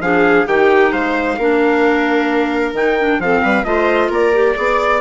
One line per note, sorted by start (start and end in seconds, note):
0.00 0.45 F3
0.00 0.48 D4
0.00 0.48 G#4
0.00 0.47 F5
0.47 0.92 D#3
0.47 1.39 D#4
0.47 0.92 G4
0.47 0.93 G5
0.92 1.38 G#3
0.92 1.37 C5
0.92 2.74 F5
1.38 2.73 A#3
1.38 2.75 D4
1.38 3.20 A#4
2.73 3.18 D#3
2.73 2.98 D#4
2.73 3.21 G5
2.99 3.22 D4
3.19 3.42 F3
3.19 3.65 C4
3.19 3.43 A4
3.19 3.64 F5
3.43 3.64 G3
3.43 3.65 B4
3.64 4.09 A3
3.64 4.33 F4
3.64 4.09 C5
3.64 4.10 D#5
4.09 4.55 A#3
4.09 4.55 A#4
4.09 5.01 D5
4.33 4.55 G4
4.55 5.01 B3
4.55 5.01 G#4
4.55 5.01 D5